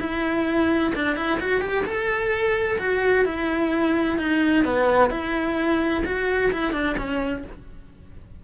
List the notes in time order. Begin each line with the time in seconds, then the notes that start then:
0.00 E4
0.95 D4
1.16 E4
1.41 F#4
1.61 G4
1.85 A4
2.79 F#4
3.25 E4
4.18 D#4
4.65 B3
5.10 E4
6.05 F#4
6.52 E4
6.73 D4
6.97 C#4